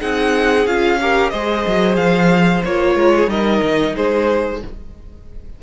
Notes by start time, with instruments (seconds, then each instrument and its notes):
0.00 cello C4, viola D#4, violin G#4 F#5
0.67 cello C#4, viola F4, violin F5
1.01 viola G4, violin A#4
1.30 cello G#3, viola G#4, violin C5 D#5
1.67 cello F#3
1.97 cello F3, violin F5
2.65 cello A#3, viola F4, violin C#5
2.96 cello G#3, violin A#4
3.15 violin G#4
3.28 cello G3, viola D#4, violin A#4 D#5
3.62 cello D#3
3.96 cello G#3, violin G#4 C5